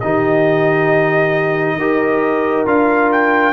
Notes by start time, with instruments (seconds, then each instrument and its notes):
0.00 tuba D#3, trombone D#4, horn G4, trumpet D#5
1.76 tuba D#4, trombone G4, horn A#4
2.65 tuba D4, trombone F4, trumpet F5
3.12 trumpet G5